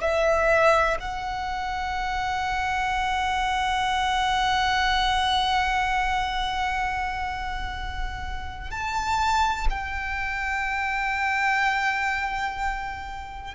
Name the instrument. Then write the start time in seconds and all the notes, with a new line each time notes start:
violin
0.00 E5
0.99 F#5
8.71 A5
9.70 G5